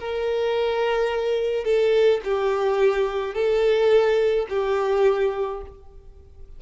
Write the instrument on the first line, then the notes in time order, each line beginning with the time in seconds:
violin
0.00 A#4
1.65 A4
2.25 G4
3.35 A4
4.50 G4